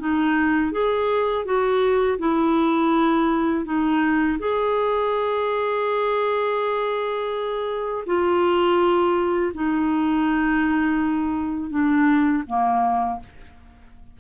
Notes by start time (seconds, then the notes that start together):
0.00 D#4
0.73 G#4
1.45 F#4
2.19 E4
3.66 D#4
4.39 G#4
8.07 F4
9.55 D#4
11.71 D4
12.47 A#3